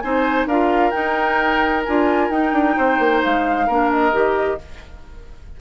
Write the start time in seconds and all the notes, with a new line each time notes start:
0.00 C4 D#4 C5 G#5
0.46 D4 F4 A#4 F5
0.91 D#4 G5
1.85 D4 F4 G#5
2.30 D#4 G5
2.53 D4
2.77 C4 C5
2.99 A#3
3.23 G#3 F5
3.67 A#3 D4 A#4
3.92 D#5
4.12 D#3 G4